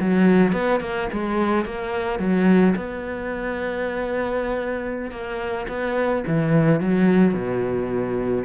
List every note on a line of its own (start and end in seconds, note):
0.00 0.53 F#3
0.53 0.81 B3
0.81 1.09 A#3
1.13 1.65 G#3
1.65 2.19 A#3
2.19 2.75 F#3
2.76 5.11 B3
5.11 5.67 A#3
5.68 6.24 B3
6.27 6.81 E3
6.81 7.34 F#3
7.34 8.45 B2